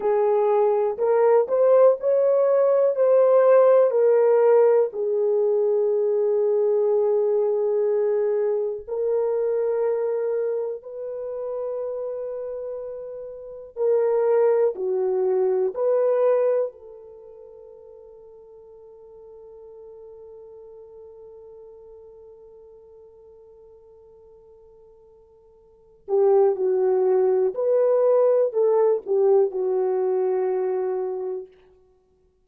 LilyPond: \new Staff \with { instrumentName = "horn" } { \time 4/4 \tempo 4 = 61 gis'4 ais'8 c''8 cis''4 c''4 | ais'4 gis'2.~ | gis'4 ais'2 b'4~ | b'2 ais'4 fis'4 |
b'4 a'2.~ | a'1~ | a'2~ a'8 g'8 fis'4 | b'4 a'8 g'8 fis'2 | }